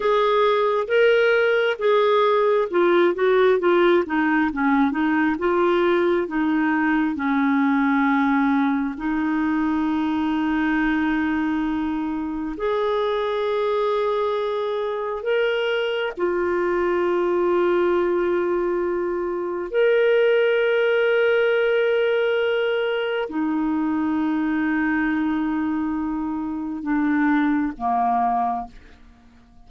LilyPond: \new Staff \with { instrumentName = "clarinet" } { \time 4/4 \tempo 4 = 67 gis'4 ais'4 gis'4 f'8 fis'8 | f'8 dis'8 cis'8 dis'8 f'4 dis'4 | cis'2 dis'2~ | dis'2 gis'2~ |
gis'4 ais'4 f'2~ | f'2 ais'2~ | ais'2 dis'2~ | dis'2 d'4 ais4 | }